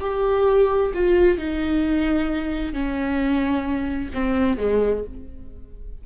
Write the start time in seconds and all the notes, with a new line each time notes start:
0.00 G4
0.94 F4
1.38 D#4
2.73 C#4
4.13 C4
4.58 G#3